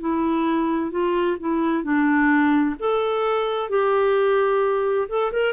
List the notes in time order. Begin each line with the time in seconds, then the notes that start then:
0.00 E4
0.91 F4
1.39 E4
1.83 D4
2.79 A4
3.69 G4
5.08 A4
5.32 A#4